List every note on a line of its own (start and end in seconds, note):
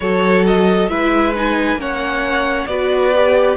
0.00 0.89 F#3
0.00 0.89 F#4
0.00 0.90 A4
0.00 0.44 C#5
0.46 0.88 D#5
0.88 1.75 G#3
0.88 1.34 E4
0.88 1.79 B4
0.88 1.33 E5
1.35 1.78 D#4
1.35 1.81 G#5
1.75 2.64 A#3
1.75 2.68 C#4
1.75 2.69 C#5
1.75 2.66 F#5
2.66 3.56 B3
2.66 3.13 F#4
2.66 3.56 B4
2.66 3.56 D5
3.14 3.56 G4